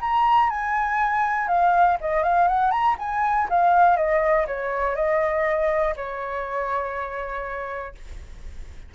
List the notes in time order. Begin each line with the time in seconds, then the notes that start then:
0.00 A#5
0.49 G#5
1.48 F5
2.00 D#5
2.23 F5
2.47 F#5
2.71 A#5
2.98 G#5
3.49 F5
3.96 D#5
4.47 C#5
4.95 D#5
5.96 C#5